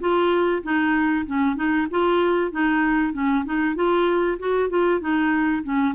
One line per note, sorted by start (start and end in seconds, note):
0.00 0.62 F4
0.63 1.26 D#4
1.26 1.56 C#4
1.56 1.87 D#4
1.91 2.51 F4
2.51 3.13 D#4
3.13 3.44 C#4
3.45 3.75 D#4
3.75 4.38 F4
4.39 4.69 F#4
4.69 5.01 F4
5.01 5.63 D#4
5.63 5.94 C#4